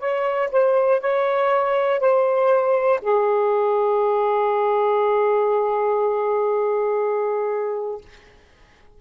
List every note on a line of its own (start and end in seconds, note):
0.00 0.50 C#5
0.52 1.01 C5
1.01 2.00 C#5
2.00 3.00 C5
3.02 8.02 G#4